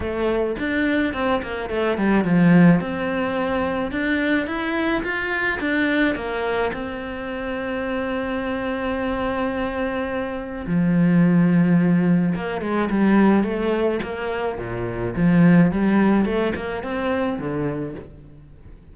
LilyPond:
\new Staff \with { instrumentName = "cello" } { \time 4/4 \tempo 4 = 107 a4 d'4 c'8 ais8 a8 g8 | f4 c'2 d'4 | e'4 f'4 d'4 ais4 | c'1~ |
c'2. f4~ | f2 ais8 gis8 g4 | a4 ais4 ais,4 f4 | g4 a8 ais8 c'4 d4 | }